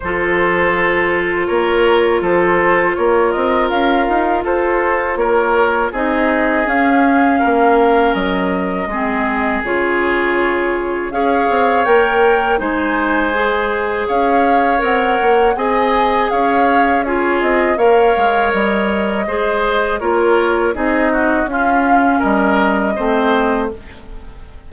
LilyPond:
<<
  \new Staff \with { instrumentName = "flute" } { \time 4/4 \tempo 4 = 81 c''2 cis''4 c''4 | cis''8 dis''8 f''4 c''4 cis''4 | dis''4 f''2 dis''4~ | dis''4 cis''2 f''4 |
g''4 gis''2 f''4 | fis''4 gis''4 f''4 cis''8 dis''8 | f''4 dis''2 cis''4 | dis''4 f''4 dis''2 | }
  \new Staff \with { instrumentName = "oboe" } { \time 4/4 a'2 ais'4 a'4 | ais'2 a'4 ais'4 | gis'2 ais'2 | gis'2. cis''4~ |
cis''4 c''2 cis''4~ | cis''4 dis''4 cis''4 gis'4 | cis''2 c''4 ais'4 | gis'8 fis'8 f'4 ais'4 c''4 | }
  \new Staff \with { instrumentName = "clarinet" } { \time 4/4 f'1~ | f'1 | dis'4 cis'2. | c'4 f'2 gis'4 |
ais'4 dis'4 gis'2 | ais'4 gis'2 f'4 | ais'2 gis'4 f'4 | dis'4 cis'2 c'4 | }
  \new Staff \with { instrumentName = "bassoon" } { \time 4/4 f2 ais4 f4 | ais8 c'8 cis'8 dis'8 f'4 ais4 | c'4 cis'4 ais4 fis4 | gis4 cis2 cis'8 c'8 |
ais4 gis2 cis'4 | c'8 ais8 c'4 cis'4. c'8 | ais8 gis8 g4 gis4 ais4 | c'4 cis'4 g4 a4 | }
>>